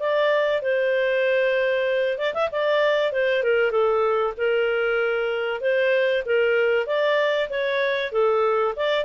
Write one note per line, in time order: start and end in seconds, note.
0.00 0.62 D5
0.62 2.18 C5
2.18 2.34 D5
2.34 2.50 E5
2.52 3.12 D5
3.12 3.43 C5
3.43 3.72 A#4
3.72 4.34 A4
4.38 5.61 A#4
5.61 6.24 C5
6.26 6.87 A#4
6.87 7.49 D5
7.50 8.12 C#5
8.12 8.75 A4
8.76 9.05 D5